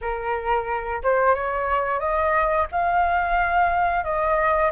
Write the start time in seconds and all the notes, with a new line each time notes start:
0.01 A#4
1.03 C5
1.35 C#5
1.99 D#5
2.71 F5
4.04 D#5